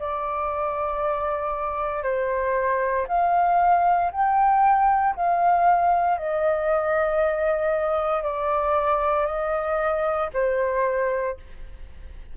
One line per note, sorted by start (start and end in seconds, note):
0.00 2.04 D5
2.04 3.07 C5
3.08 4.12 F5
4.12 5.15 G5
5.16 6.18 F5
6.18 8.23 D#5
8.23 9.26 D5
9.26 10.30 D#5
10.34 11.37 C5